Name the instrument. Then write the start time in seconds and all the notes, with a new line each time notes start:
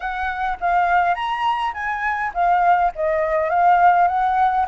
flute
0.00 F#5
0.60 F5
1.14 A#5
1.73 G#5
2.34 F5
2.95 D#5
3.49 F5
4.07 F#5